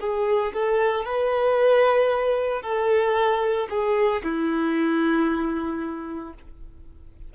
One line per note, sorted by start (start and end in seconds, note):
0.00 0.53 G#4
0.53 1.05 A4
1.05 2.62 B4
2.62 3.67 A4
3.69 4.22 G#4
4.23 6.33 E4